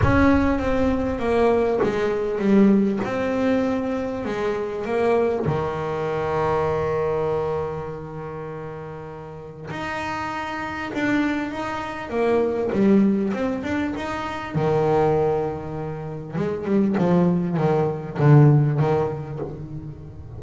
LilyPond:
\new Staff \with { instrumentName = "double bass" } { \time 4/4 \tempo 4 = 99 cis'4 c'4 ais4 gis4 | g4 c'2 gis4 | ais4 dis2.~ | dis1 |
dis'2 d'4 dis'4 | ais4 g4 c'8 d'8 dis'4 | dis2. gis8 g8 | f4 dis4 d4 dis4 | }